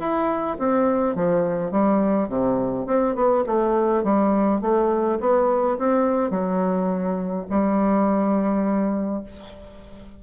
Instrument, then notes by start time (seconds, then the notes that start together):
bassoon
0.00 E4
0.59 C4
1.16 F3
1.72 G3
2.29 C3
2.87 C4
3.16 B3
3.47 A3
4.04 G3
4.62 A3
5.21 B3
5.79 C4
6.31 F#3
7.51 G3